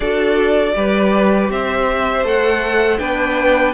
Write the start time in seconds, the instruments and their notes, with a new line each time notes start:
0.00 cello D4, viola F#4, violin A4 D5
0.74 cello G3, viola G4, violin B4
1.49 cello C4, violin C5 E5
2.24 cello A3, viola A4, violin F#5
2.98 cello B3, viola D4, violin B4 G5